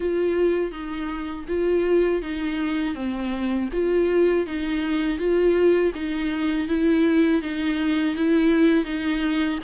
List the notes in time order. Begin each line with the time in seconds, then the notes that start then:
0.00 F4
0.71 D#4
1.47 F4
2.22 D#4
2.94 C4
3.72 F4
4.46 D#4
5.18 F4
5.94 D#4
6.68 E4
7.41 D#4
8.15 E4
8.85 D#4